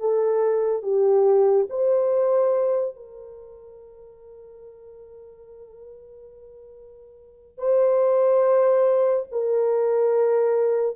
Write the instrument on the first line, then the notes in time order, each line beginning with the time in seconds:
horn
0.00 A4
0.83 G4
1.70 C5
2.96 A#4
7.58 C5
9.32 A#4